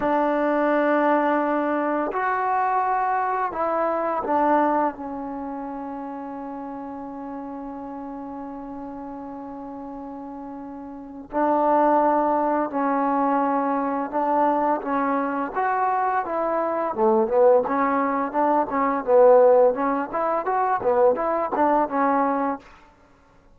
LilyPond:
\new Staff \with { instrumentName = "trombone" } { \time 4/4 \tempo 4 = 85 d'2. fis'4~ | fis'4 e'4 d'4 cis'4~ | cis'1~ | cis'1 |
d'2 cis'2 | d'4 cis'4 fis'4 e'4 | a8 b8 cis'4 d'8 cis'8 b4 | cis'8 e'8 fis'8 b8 e'8 d'8 cis'4 | }